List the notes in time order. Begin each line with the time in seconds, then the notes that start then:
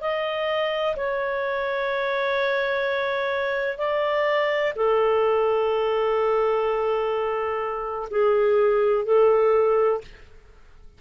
0.00 D#5
0.95 C#5
3.77 D5
4.75 A4
8.10 G#4
9.05 A4